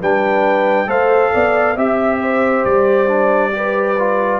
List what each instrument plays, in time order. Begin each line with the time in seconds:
0.00 tuba G3, trombone D4, horn B4, trumpet G5
0.86 tuba A3, trombone A4, horn C5, trumpet F5
1.33 tuba B3, horn D5
1.76 tuba C4, trombone G4, horn E5, trumpet E5
2.22 horn C5
2.65 tuba G3, trumpet D5
3.07 trombone D4
3.52 trombone G4, horn B4
3.98 trombone F4